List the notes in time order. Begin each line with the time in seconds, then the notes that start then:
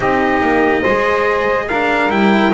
0.00 C4 D#4 G4 D#5
0.41 A#3
0.81 G#3 G#4 C5
1.68 D4 A#4 F5
2.09 G3 E4 G5